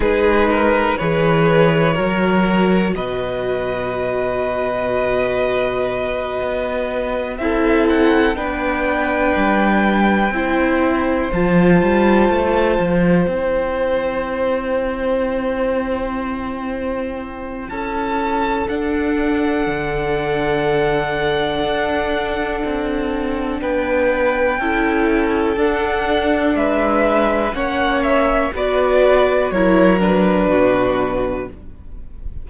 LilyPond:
<<
  \new Staff \with { instrumentName = "violin" } { \time 4/4 \tempo 4 = 61 b'4 cis''2 dis''4~ | dis''2.~ dis''8 e''8 | fis''8 g''2. a''8~ | a''4. g''2~ g''8~ |
g''2 a''4 fis''4~ | fis''1 | g''2 fis''4 e''4 | fis''8 e''8 d''4 cis''8 b'4. | }
  \new Staff \with { instrumentName = "violin" } { \time 4/4 gis'8 ais'8 b'4 ais'4 b'4~ | b'2.~ b'8 a'8~ | a'8 b'2 c''4.~ | c''1~ |
c''2 a'2~ | a'1 | b'4 a'2 b'4 | cis''4 b'4 ais'4 fis'4 | }
  \new Staff \with { instrumentName = "viola" } { \time 4/4 dis'4 gis'4 fis'2~ | fis'2.~ fis'8 e'8~ | e'8 d'2 e'4 f'8~ | f'4. e'2~ e'8~ |
e'2. d'4~ | d'1~ | d'4 e'4 d'2 | cis'4 fis'4 e'8 d'4. | }
  \new Staff \with { instrumentName = "cello" } { \time 4/4 gis4 e4 fis4 b,4~ | b,2~ b,8 b4 c'8~ | c'8 b4 g4 c'4 f8 | g8 a8 f8 c'2~ c'8~ |
c'2 cis'4 d'4 | d2 d'4 c'4 | b4 cis'4 d'4 gis4 | ais4 b4 fis4 b,4 | }
>>